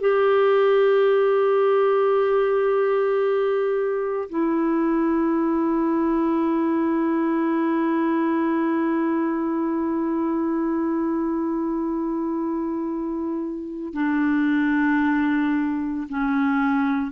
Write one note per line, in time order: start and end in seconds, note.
0.00 4.29 G4
4.29 13.93 E4
13.93 16.08 D4
16.09 17.11 C#4